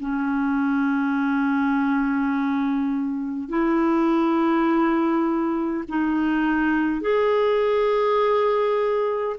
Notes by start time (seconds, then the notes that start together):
0.00 C#4
3.49 E4
5.88 D#4
7.01 G#4